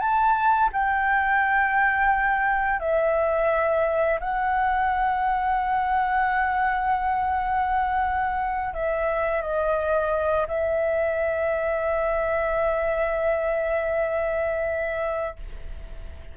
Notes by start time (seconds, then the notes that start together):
0.00 A5
0.73 G5
2.81 E5
4.21 F#5
8.74 E5
9.42 D#5
10.48 E5